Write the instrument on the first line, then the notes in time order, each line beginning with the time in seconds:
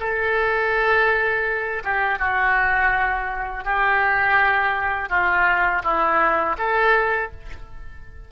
oboe
0.00 A4
1.84 G4
2.19 F#4
3.65 G4
5.09 F4
5.84 E4
6.58 A4